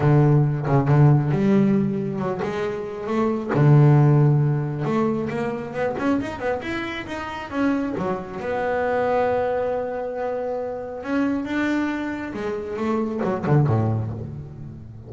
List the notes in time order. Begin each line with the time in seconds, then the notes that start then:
0.00 D3
0.66 C#3
0.87 D3
1.31 G3
2.18 F#3
2.42 G#3
3.06 A3
3.54 D3
4.84 A3
5.29 A#3
5.73 B3
5.98 C#4
6.20 D#4
6.39 B3
6.62 E4
7.06 D#4
7.50 C#4
7.97 F#3
8.40 B3
11.03 C#4
11.44 D4
12.33 G#3
12.76 A3
13.23 F#3
13.46 D3
13.66 A2